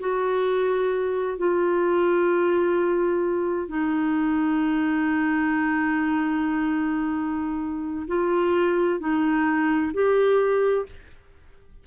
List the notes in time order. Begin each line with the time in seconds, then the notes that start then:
0.00 F#4
1.38 F4
3.68 D#4
8.08 F4
9.00 D#4
9.94 G4